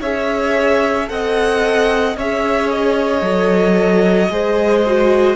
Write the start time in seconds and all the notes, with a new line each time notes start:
0.00 C#4 G#4 C#5 E5
1.07 C4 A4 D#5 F#5
2.16 C#4 G#4 C#5 E5
2.70 D#5
3.20 F#3 A4
4.29 G#3 G#4 C5
4.85 F#4